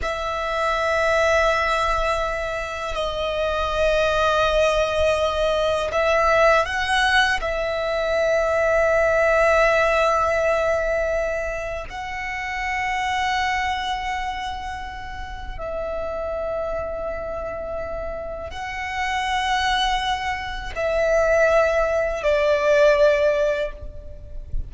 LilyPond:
\new Staff \with { instrumentName = "violin" } { \time 4/4 \tempo 4 = 81 e''1 | dis''1 | e''4 fis''4 e''2~ | e''1 |
fis''1~ | fis''4 e''2.~ | e''4 fis''2. | e''2 d''2 | }